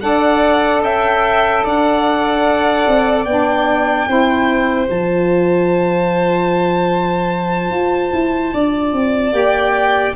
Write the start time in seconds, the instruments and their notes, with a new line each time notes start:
0.00 tuba D4, saxophone A4, violin D5 F#5
0.82 tuba C#4, violin E5 G5
1.64 tuba D4, violin D5 F#5
2.87 tuba C4
3.24 tuba B3, saxophone D4, violin G5
4.07 tuba C4, saxophone E4, violin C5
4.86 tuba F3, saxophone F4, violin A5
7.70 tuba F4
8.12 tuba E4
8.53 tuba D4, violin D5
8.92 tuba C4
9.31 tuba A#3, saxophone G4, violin G5